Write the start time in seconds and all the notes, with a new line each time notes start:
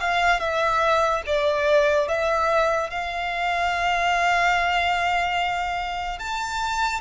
0.00 F5
0.40 E5
1.26 D5
2.08 E5
2.90 F5
6.19 A5